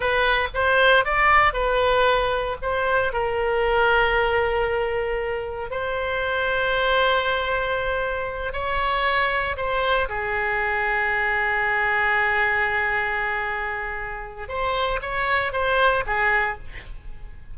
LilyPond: \new Staff \with { instrumentName = "oboe" } { \time 4/4 \tempo 4 = 116 b'4 c''4 d''4 b'4~ | b'4 c''4 ais'2~ | ais'2. c''4~ | c''1~ |
c''8 cis''2 c''4 gis'8~ | gis'1~ | gis'1 | c''4 cis''4 c''4 gis'4 | }